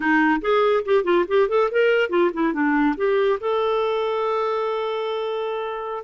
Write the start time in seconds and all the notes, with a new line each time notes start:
0.00 D#4
0.41 G#4
0.85 G4
1.04 F4
1.28 G4
1.48 A4
1.71 A#4
2.09 F4
2.33 E4
2.53 D4
2.97 G4
3.40 A4